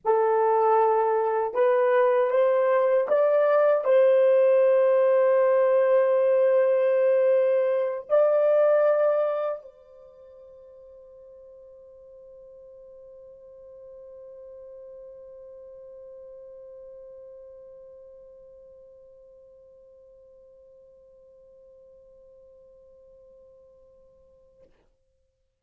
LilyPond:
\new Staff \with { instrumentName = "horn" } { \time 4/4 \tempo 4 = 78 a'2 b'4 c''4 | d''4 c''2.~ | c''2~ c''8 d''4.~ | d''8 c''2.~ c''8~ |
c''1~ | c''1~ | c''1~ | c''1 | }